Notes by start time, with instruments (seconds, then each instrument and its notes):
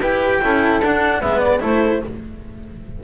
0.00 double bass E4, cello G4, flute B4, clarinet G5
0.42 double bass C#4, cello E4, flute A4
0.81 double bass D4, cello D4, clarinet F#5
1.20 double bass G#3, cello B3, flute B4, clarinet E5
1.39 clarinet D5
1.60 double bass A3, cello E4, flute A4, clarinet C5